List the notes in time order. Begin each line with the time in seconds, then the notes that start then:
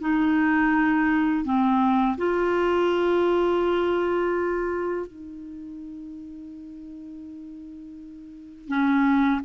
0.00 D#4
1.44 C4
2.17 F4
5.06 D#4
8.68 C#4